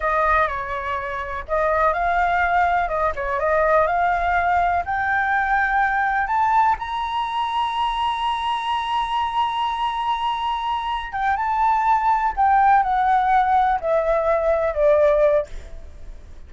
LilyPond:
\new Staff \with { instrumentName = "flute" } { \time 4/4 \tempo 4 = 124 dis''4 cis''2 dis''4 | f''2 dis''8 cis''8 dis''4 | f''2 g''2~ | g''4 a''4 ais''2~ |
ais''1~ | ais''2. g''8 a''8~ | a''4. g''4 fis''4.~ | fis''8 e''2 d''4. | }